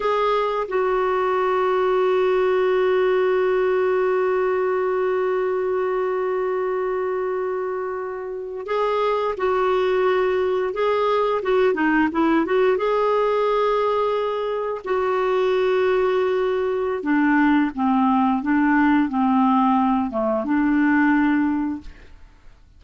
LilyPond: \new Staff \with { instrumentName = "clarinet" } { \time 4/4 \tempo 4 = 88 gis'4 fis'2.~ | fis'1~ | fis'1~ | fis'8. gis'4 fis'2 gis'16~ |
gis'8. fis'8 dis'8 e'8 fis'8 gis'4~ gis'16~ | gis'4.~ gis'16 fis'2~ fis'16~ | fis'4 d'4 c'4 d'4 | c'4. a8 d'2 | }